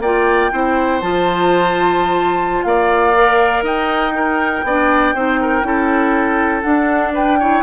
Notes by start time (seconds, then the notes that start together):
0.00 A#3 F4 D5 G5
0.52 C4 E4 C5
1.02 F3 F4 A5
2.63 A#3 D5 F5
3.15 A#4
3.62 D#4 D#5 G5
4.12 D#4 A#4
4.64 B3 D4 D5
5.15 C4 D#4 C5
5.41 A#4
5.63 C#4 E4 A4
6.62 D4 F#5
7.14 B4 G5
7.39 E4 C#5